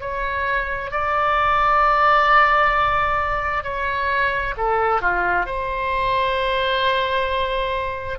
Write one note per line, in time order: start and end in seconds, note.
0.00 0.91 C#5
0.91 3.63 D5
3.63 4.54 C#5
4.57 5.01 A4
5.01 5.45 F4
5.45 8.18 C5